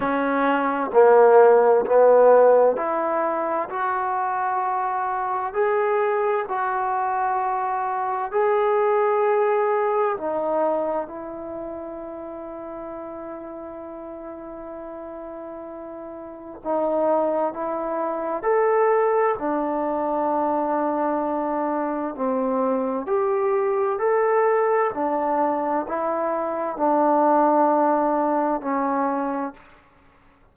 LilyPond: \new Staff \with { instrumentName = "trombone" } { \time 4/4 \tempo 4 = 65 cis'4 ais4 b4 e'4 | fis'2 gis'4 fis'4~ | fis'4 gis'2 dis'4 | e'1~ |
e'2 dis'4 e'4 | a'4 d'2. | c'4 g'4 a'4 d'4 | e'4 d'2 cis'4 | }